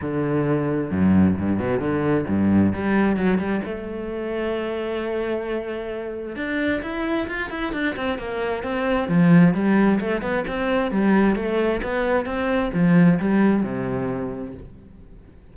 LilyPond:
\new Staff \with { instrumentName = "cello" } { \time 4/4 \tempo 4 = 132 d2 fis,4 g,8 b,8 | d4 g,4 g4 fis8 g8 | a1~ | a2 d'4 e'4 |
f'8 e'8 d'8 c'8 ais4 c'4 | f4 g4 a8 b8 c'4 | g4 a4 b4 c'4 | f4 g4 c2 | }